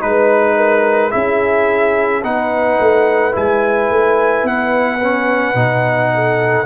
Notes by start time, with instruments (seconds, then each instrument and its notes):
0.00 tuba G#3, trombone D#4, trumpet B4, horn B4
0.57 horn A#4
1.11 tuba C#4, trombone E4, horn G#4, trumpet E5
2.23 tuba B3, trombone D#4, horn B4, trumpet F#5
2.80 tuba A3
3.32 tuba G#3, trombone E4, trumpet G#5
3.90 tuba A3
4.43 tuba B3, trumpet F#5
5.02 trombone C#4
5.54 tuba B2, trombone D#4
6.14 horn A4